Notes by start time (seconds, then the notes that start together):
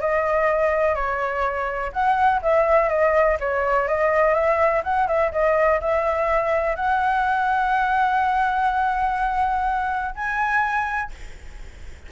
0.00 D#5
0.95 C#5
1.92 F#5
2.42 E5
2.89 D#5
3.40 C#5
3.88 D#5
4.34 E5
4.84 F#5
5.07 E5
5.32 D#5
5.80 E5
6.76 F#5
10.15 G#5